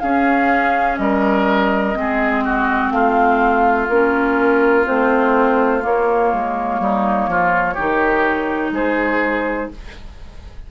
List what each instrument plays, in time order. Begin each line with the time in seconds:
0.00 clarinet C#4, bassoon C#4, oboe G#4, flute F5
0.97 bassoon G3, oboe A#4, flute D#5
1.95 bassoon G#3, clarinet C4, oboe G#4
2.45 oboe F#4
2.91 bassoon A3, oboe F4, flute F5
3.89 bassoon A#3, clarinet C#4, flute A#4
4.85 bassoon A3, clarinet C4, flute C5
5.81 clarinet A#3, bassoon A#3, flute C#5
6.33 bassoon G#3
6.80 bassoon G3, oboe D#4
7.28 bassoon F3, oboe F4
7.74 bassoon D#3, clarinet D#4, oboe G4
8.71 bassoon G#3, oboe G#4, flute C5